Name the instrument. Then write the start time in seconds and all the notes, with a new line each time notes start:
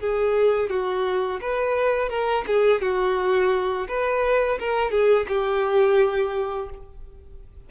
violin
0.00 G#4
0.70 F#4
1.41 B4
2.10 A#4
2.47 G#4
2.82 F#4
3.88 B4
4.60 A#4
4.91 G#4
5.29 G4